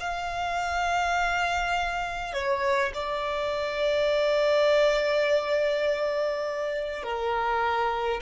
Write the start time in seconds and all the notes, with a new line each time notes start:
0.00 F5
2.33 C#5
2.94 D5
7.03 A#4